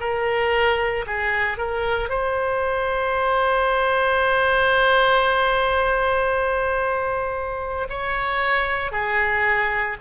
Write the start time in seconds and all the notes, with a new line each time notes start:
0.00 A#4
1.07 G#4
1.58 A#4
2.10 C5
7.89 C#5
8.92 G#4